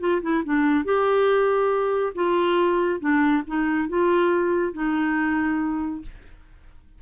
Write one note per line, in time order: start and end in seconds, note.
0.00 0.21 F4
0.22 0.43 E4
0.44 0.85 D4
0.85 2.13 G4
2.15 3.00 F4
3.00 3.43 D4
3.47 3.89 D#4
3.89 4.73 F4
4.73 6.02 D#4